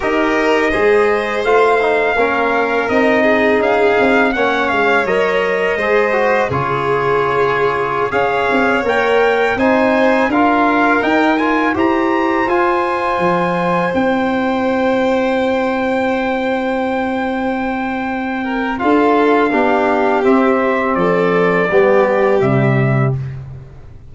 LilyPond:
<<
  \new Staff \with { instrumentName = "trumpet" } { \time 4/4 \tempo 4 = 83 dis''2 f''2 | dis''4 f''4 fis''8 f''8 dis''4~ | dis''4 cis''2~ cis''16 f''8.~ | f''16 g''4 gis''4 f''4 g''8 gis''16~ |
gis''16 ais''4 gis''2 g''8.~ | g''1~ | g''2 f''2 | e''4 d''2 e''4 | }
  \new Staff \with { instrumentName = "violin" } { \time 4/4 ais'4 c''2 ais'4~ | ais'8 gis'4. cis''2 | c''4 gis'2~ gis'16 cis''8.~ | cis''4~ cis''16 c''4 ais'4.~ ais'16~ |
ais'16 c''2.~ c''8.~ | c''1~ | c''4. ais'8 a'4 g'4~ | g'4 a'4 g'2 | }
  \new Staff \with { instrumentName = "trombone" } { \time 4/4 g'4 gis'4 f'8 dis'8 cis'4 | dis'2 cis'4 ais'4 | gis'8 fis'8 f'2~ f'16 gis'8.~ | gis'16 ais'4 dis'4 f'4 dis'8 f'16~ |
f'16 g'4 f'2 e'8.~ | e'1~ | e'2 f'4 d'4 | c'2 b4 g4 | }
  \new Staff \with { instrumentName = "tuba" } { \time 4/4 dis'4 gis4 a4 ais4 | c'4 cis'8 c'8 ais8 gis8 fis4 | gis4 cis2~ cis16 cis'8 c'16~ | c'16 ais4 c'4 d'4 dis'8.~ |
dis'16 e'4 f'4 f4 c'8.~ | c'1~ | c'2 d'4 b4 | c'4 f4 g4 c4 | }
>>